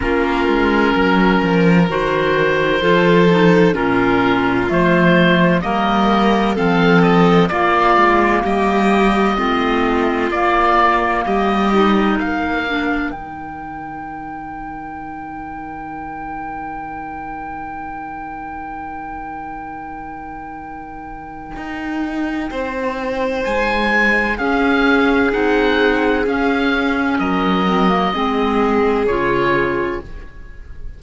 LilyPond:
<<
  \new Staff \with { instrumentName = "oboe" } { \time 4/4 \tempo 4 = 64 ais'2 c''2 | ais'4 c''4 dis''4 f''8 dis''8 | d''4 dis''2 d''4 | dis''4 f''4 g''2~ |
g''1~ | g''1~ | g''4 gis''4 f''4 fis''4 | f''4 dis''2 cis''4 | }
  \new Staff \with { instrumentName = "violin" } { \time 4/4 f'4 ais'2 a'4 | f'2 ais'4 a'4 | f'4 g'4 f'2 | g'4 ais'2.~ |
ais'1~ | ais'1 | c''2 gis'2~ | gis'4 ais'4 gis'2 | }
  \new Staff \with { instrumentName = "clarinet" } { \time 4/4 cis'2 fis'4 f'8 dis'8 | cis'4 a4 ais4 c'4 | ais2 c'4 ais4~ | ais8 dis'4 d'8 dis'2~ |
dis'1~ | dis'1~ | dis'2 cis'4 dis'4 | cis'4. c'16 ais16 c'4 f'4 | }
  \new Staff \with { instrumentName = "cello" } { \time 4/4 ais8 gis8 fis8 f8 dis4 f4 | ais,4 f4 g4 f4 | ais8 gis8 g4 a4 ais4 | g4 ais4 dis2~ |
dis1~ | dis2. dis'4 | c'4 gis4 cis'4 c'4 | cis'4 fis4 gis4 cis4 | }
>>